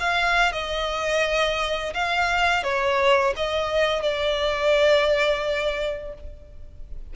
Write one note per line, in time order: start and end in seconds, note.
0.00 0.53 F5
0.53 1.94 D#5
1.94 2.64 F5
2.64 3.34 C#5
3.37 4.03 D#5
4.03 6.14 D5